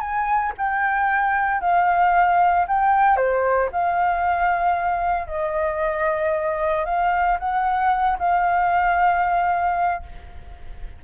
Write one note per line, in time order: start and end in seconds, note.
0.00 0.53 G#5
0.58 1.61 G5
1.61 2.66 F5
2.68 3.17 G5
3.17 3.69 C5
3.72 5.28 F5
5.28 6.85 D#5
6.85 7.38 F5
7.39 8.18 F#5
8.19 10.03 F5